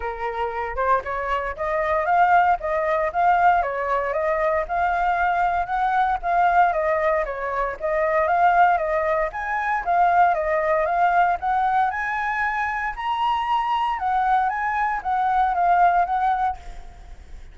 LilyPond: \new Staff \with { instrumentName = "flute" } { \time 4/4 \tempo 4 = 116 ais'4. c''8 cis''4 dis''4 | f''4 dis''4 f''4 cis''4 | dis''4 f''2 fis''4 | f''4 dis''4 cis''4 dis''4 |
f''4 dis''4 gis''4 f''4 | dis''4 f''4 fis''4 gis''4~ | gis''4 ais''2 fis''4 | gis''4 fis''4 f''4 fis''4 | }